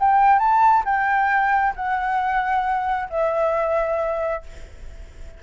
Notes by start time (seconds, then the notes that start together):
0.00 G5
0.39 A5
0.85 G5
1.76 F#5
3.10 E5